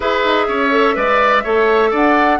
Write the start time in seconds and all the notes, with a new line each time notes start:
0.00 E4 G#4 B4 E5
0.24 D#4
0.47 C#4 C#5
0.71 A4
0.95 G#3 B4 D5
1.43 A3 A4 C#5
1.90 D4 D5 F#5